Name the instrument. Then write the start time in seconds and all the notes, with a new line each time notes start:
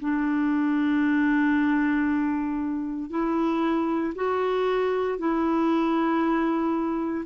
clarinet
0.00 D4
3.10 E4
4.15 F#4
5.19 E4